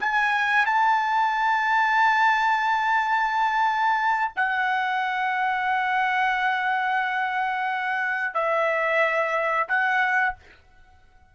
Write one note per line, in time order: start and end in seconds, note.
0.00 0.65 G#5
0.65 4.32 A5
4.35 8.34 F#5
8.34 9.67 E5
9.68 10.35 F#5